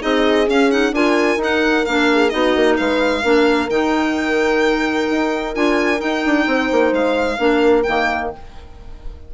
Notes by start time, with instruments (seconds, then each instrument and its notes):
0.00 bassoon C4, clarinet D#4, horn G#4, violin D#5
0.46 clarinet C#4, bassoon C#4, violin F5
0.70 clarinet D#4, violin F#5
0.92 bassoon D4, clarinet F4, horn A#4, violin G#5
1.37 bassoon D#4, clarinet D#4
1.44 violin F#5
1.85 bassoon A#3, clarinet D4, violin F5
2.12 horn G#4
2.30 bassoon B3, clarinet D#4, horn F#4, violin D#5
2.55 bassoon A#3
2.77 bassoon G#3, horn B4, violin F5
3.22 bassoon A#3, clarinet D4, horn A#4
3.69 bassoon D#3, clarinet D#4, violin G5
5.11 bassoon D#4
5.54 bassoon D4, clarinet F4, violin G#5
5.97 clarinet D#4, bassoon D#4, violin G5
6.26 bassoon D4
6.47 bassoon C4, horn C5
6.72 bassoon A#3
6.92 bassoon G#3, violin F5
7.39 bassoon A#3, clarinet D4, horn A#4
7.83 bassoon D#3, clarinet A#3, violin G5